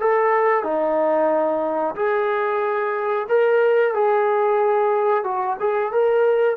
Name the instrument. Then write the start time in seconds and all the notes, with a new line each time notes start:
trombone
0.00 A4
0.63 D#4
1.96 G#4
3.29 A#4
3.94 G#4
5.24 F#4
5.60 G#4
5.93 A#4